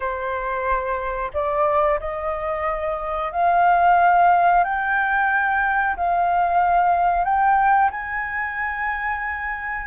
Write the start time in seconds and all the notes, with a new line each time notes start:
0.00 C5
1.33 D5
2.00 D#5
3.31 F5
4.64 G5
5.96 F5
7.24 G5
7.90 G#5